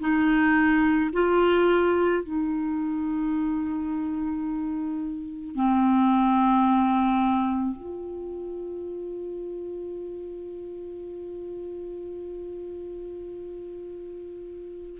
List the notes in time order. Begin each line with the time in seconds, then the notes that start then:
0.00 D#4
1.13 F4
2.24 D#4
5.56 C4
7.77 F4